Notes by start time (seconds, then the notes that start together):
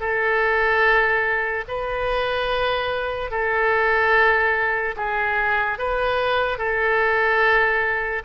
0.00 A4
1.68 B4
3.31 A4
4.97 G#4
5.78 B4
6.58 A4